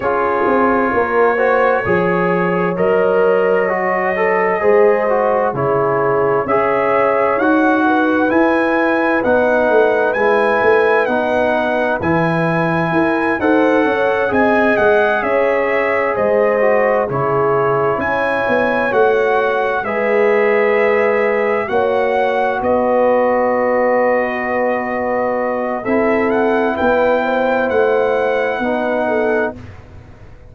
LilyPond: <<
  \new Staff \with { instrumentName = "trumpet" } { \time 4/4 \tempo 4 = 65 cis''2. dis''4~ | dis''2 cis''4 e''4 | fis''4 gis''4 fis''4 gis''4 | fis''4 gis''4. fis''4 gis''8 |
fis''8 e''4 dis''4 cis''4 gis''8~ | gis''8 fis''4 e''2 fis''8~ | fis''8 dis''2.~ dis''8 | e''8 fis''8 g''4 fis''2 | }
  \new Staff \with { instrumentName = "horn" } { \time 4/4 gis'4 ais'8 c''8 cis''2~ | cis''4 c''4 gis'4 cis''4~ | cis''8 b'2.~ b'8~ | b'2 ais'8 c''8 cis''8 dis''8~ |
dis''8 cis''4 c''4 gis'4 cis''8~ | cis''4. b'2 cis''8~ | cis''8 b'2.~ b'8 | a'4 b'8 c''4. b'8 a'8 | }
  \new Staff \with { instrumentName = "trombone" } { \time 4/4 f'4. fis'8 gis'4 ais'4 | fis'8 a'8 gis'8 fis'8 e'4 gis'4 | fis'4 e'4 dis'4 e'4 | dis'4 e'4. a'4 gis'8~ |
gis'2 fis'8 e'4.~ | e'8 fis'4 gis'2 fis'8~ | fis'1 | e'2. dis'4 | }
  \new Staff \with { instrumentName = "tuba" } { \time 4/4 cis'8 c'8 ais4 f4 fis4~ | fis4 gis4 cis4 cis'4 | dis'4 e'4 b8 a8 gis8 a8 | b4 e4 e'8 dis'8 cis'8 c'8 |
gis8 cis'4 gis4 cis4 cis'8 | b8 a4 gis2 ais8~ | ais8 b2.~ b8 | c'4 b4 a4 b4 | }
>>